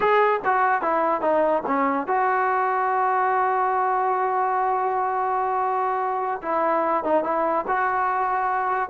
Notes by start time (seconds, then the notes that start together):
0.00 G#4
0.44 F#4
0.81 E4
1.21 D#4
1.66 C#4
2.07 F#4
6.41 E4
7.03 D#4
7.23 E4
7.67 F#4